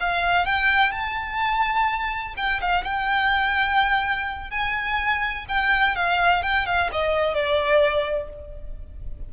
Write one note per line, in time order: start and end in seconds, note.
0.00 0.45 F5
0.45 0.91 G5
0.91 2.34 A5
2.37 2.60 G5
2.61 2.84 F5
2.84 4.50 G5
4.50 5.46 G#5
5.48 5.96 G5
5.96 6.43 F5
6.43 6.66 G5
6.66 6.90 F5
6.92 7.34 D#5
7.34 8.29 D5